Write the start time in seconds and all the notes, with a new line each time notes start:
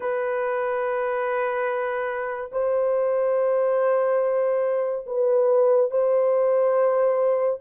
0.00 B4
2.52 C5
5.06 B4
5.90 C5